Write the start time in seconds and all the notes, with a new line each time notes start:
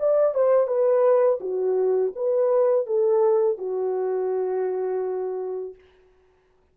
0.00 D5
0.35 C5
0.67 B4
1.41 F#4
2.16 B4
2.87 A4
3.58 F#4